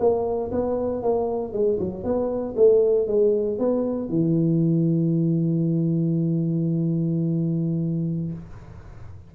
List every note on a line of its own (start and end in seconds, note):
0.00 0.51 A#3
0.52 1.03 B3
1.03 1.53 A#3
1.53 1.79 G#3
1.80 2.04 F#3
2.04 2.55 B3
2.57 3.08 A3
3.08 3.59 G#3
3.59 4.09 B3
4.09 8.32 E3